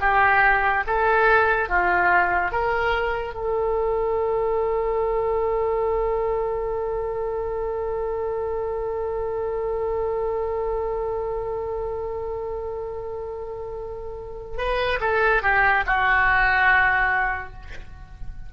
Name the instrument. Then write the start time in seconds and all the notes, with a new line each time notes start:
oboe
0.00 G4
0.86 A4
1.68 F4
2.51 A#4
3.34 A4
14.57 B4
15.00 A4
15.42 G4
15.86 F#4